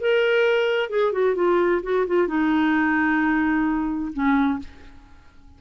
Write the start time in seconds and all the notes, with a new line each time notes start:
0.00 A#4
0.89 G#4
1.12 F#4
1.35 F4
1.83 F#4
2.07 F4
2.27 D#4
4.13 C#4